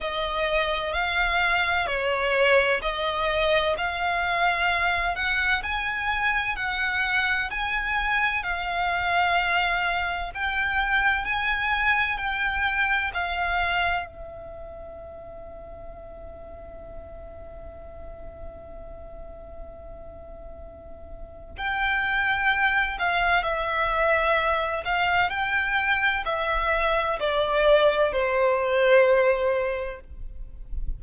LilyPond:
\new Staff \with { instrumentName = "violin" } { \time 4/4 \tempo 4 = 64 dis''4 f''4 cis''4 dis''4 | f''4. fis''8 gis''4 fis''4 | gis''4 f''2 g''4 | gis''4 g''4 f''4 e''4~ |
e''1~ | e''2. g''4~ | g''8 f''8 e''4. f''8 g''4 | e''4 d''4 c''2 | }